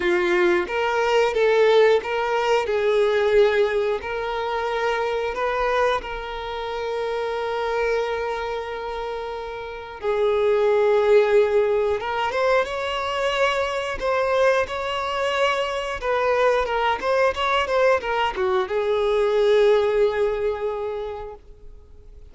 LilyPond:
\new Staff \with { instrumentName = "violin" } { \time 4/4 \tempo 4 = 90 f'4 ais'4 a'4 ais'4 | gis'2 ais'2 | b'4 ais'2.~ | ais'2. gis'4~ |
gis'2 ais'8 c''8 cis''4~ | cis''4 c''4 cis''2 | b'4 ais'8 c''8 cis''8 c''8 ais'8 fis'8 | gis'1 | }